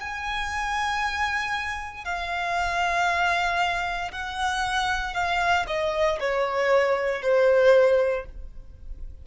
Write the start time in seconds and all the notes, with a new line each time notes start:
0.00 G#5
2.05 F5
4.12 F#5
5.14 F5
5.67 D#5
6.20 C#5
7.22 C5